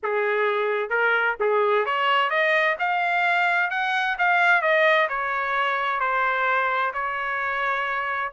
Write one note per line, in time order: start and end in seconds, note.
0.02 0.89 G#4
0.89 1.35 A#4
1.40 1.85 G#4
1.85 2.30 C#5
2.30 2.76 D#5
2.79 3.70 F5
3.70 4.16 F#5
4.18 4.61 F5
4.61 5.07 D#5
5.08 6.00 C#5
6.00 6.92 C5
6.93 8.32 C#5